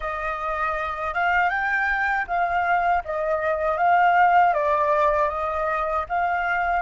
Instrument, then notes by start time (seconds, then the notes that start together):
flute
0.00 D#5
1.14 F5
1.49 G5
2.27 F5
3.04 D#5
3.77 F5
4.53 D5
5.29 D#5
6.08 F5